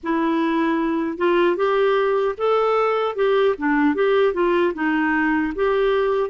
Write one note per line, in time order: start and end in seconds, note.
0.03 1.17 E4
1.17 1.56 F4
1.56 2.35 G4
2.37 3.15 A4
3.15 3.55 G4
3.57 3.94 D4
3.94 4.33 G4
4.33 4.73 F4
4.74 5.53 D#4
5.55 6.29 G4